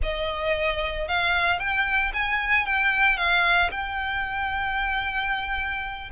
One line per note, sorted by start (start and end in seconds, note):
0.02 1.07 D#5
1.07 1.59 F5
1.59 2.12 G5
2.13 2.65 G#5
2.65 3.17 G5
3.17 3.70 F5
3.71 6.10 G5